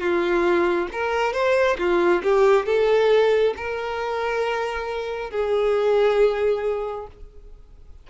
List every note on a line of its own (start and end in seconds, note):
0.00 0.88 F4
0.92 1.33 A#4
1.33 1.77 C5
1.78 2.22 F4
2.23 2.66 G4
2.66 3.54 A4
3.57 5.30 A#4
5.30 7.07 G#4